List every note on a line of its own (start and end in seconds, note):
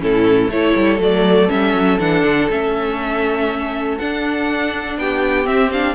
0.00 0.49 A2
0.00 0.50 C#4
0.00 0.53 E4
0.00 0.51 A4
0.49 0.74 A3
0.49 1.00 E4
0.49 5.00 A4
0.49 1.01 C#5
0.76 1.00 G3
1.00 1.49 F#3
1.00 1.49 A3
1.00 1.50 D5
1.49 1.74 G3
1.49 1.98 C#4
1.49 2.00 E5
1.74 1.99 F#3
2.00 2.24 E3
2.00 2.50 D4
2.00 2.50 F#5
2.24 2.49 D3
2.50 3.99 A3
2.50 4.00 C#4
2.50 3.99 E5
3.99 4.98 D4
3.99 5.45 D4
3.99 4.98 F#5
4.98 5.47 B3
4.98 5.96 G4
4.98 5.47 G5
5.45 5.70 C4
5.45 5.96 C4
5.45 5.72 E5
5.72 5.96 D4
5.72 5.96 F5